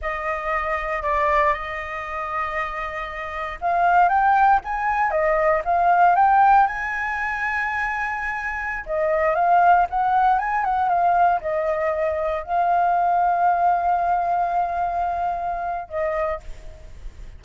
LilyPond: \new Staff \with { instrumentName = "flute" } { \time 4/4 \tempo 4 = 117 dis''2 d''4 dis''4~ | dis''2. f''4 | g''4 gis''4 dis''4 f''4 | g''4 gis''2.~ |
gis''4~ gis''16 dis''4 f''4 fis''8.~ | fis''16 gis''8 fis''8 f''4 dis''4.~ dis''16~ | dis''16 f''2.~ f''8.~ | f''2. dis''4 | }